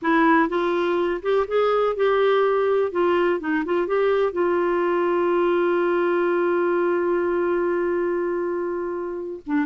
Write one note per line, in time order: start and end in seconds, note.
0.01 0.48 E4
0.48 1.21 F4
1.22 1.46 G4
1.47 1.96 G#4
1.96 2.91 G4
2.91 3.39 F4
3.39 3.64 D#4
3.65 3.87 F4
3.87 4.32 G4
4.32 9.40 F4
9.46 9.65 D4